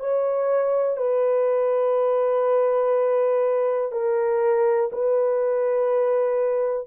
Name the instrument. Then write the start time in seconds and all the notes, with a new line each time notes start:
horn
0.00 C#5
0.97 B4
3.92 A#4
4.93 B4